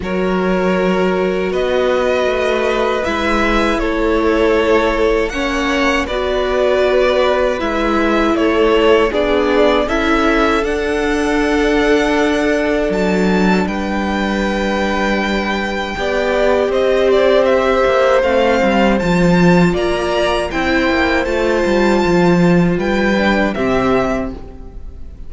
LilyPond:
<<
  \new Staff \with { instrumentName = "violin" } { \time 4/4 \tempo 4 = 79 cis''2 dis''2 | e''4 cis''2 fis''4 | d''2 e''4 cis''4 | d''4 e''4 fis''2~ |
fis''4 a''4 g''2~ | g''2 dis''8 d''8 e''4 | f''4 a''4 ais''4 g''4 | a''2 g''4 e''4 | }
  \new Staff \with { instrumentName = "violin" } { \time 4/4 ais'2 b'2~ | b'4 a'2 cis''4 | b'2. a'4 | gis'4 a'2.~ |
a'2 b'2~ | b'4 d''4 c''2~ | c''2 d''4 c''4~ | c''2 b'4 g'4 | }
  \new Staff \with { instrumentName = "viola" } { \time 4/4 fis'1 | e'2. cis'4 | fis'2 e'2 | d'4 e'4 d'2~ |
d'1~ | d'4 g'2. | c'4 f'2 e'4 | f'2~ f'8 d'8 c'4 | }
  \new Staff \with { instrumentName = "cello" } { \time 4/4 fis2 b4 a4 | gis4 a2 ais4 | b2 gis4 a4 | b4 cis'4 d'2~ |
d'4 fis4 g2~ | g4 b4 c'4. ais8 | a8 g8 f4 ais4 c'8 ais8 | a8 g8 f4 g4 c4 | }
>>